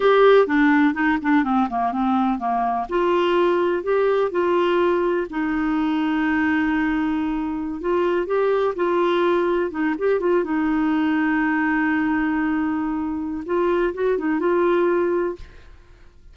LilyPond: \new Staff \with { instrumentName = "clarinet" } { \time 4/4 \tempo 4 = 125 g'4 d'4 dis'8 d'8 c'8 ais8 | c'4 ais4 f'2 | g'4 f'2 dis'4~ | dis'1~ |
dis'16 f'4 g'4 f'4.~ f'16~ | f'16 dis'8 g'8 f'8 dis'2~ dis'16~ | dis'1 | f'4 fis'8 dis'8 f'2 | }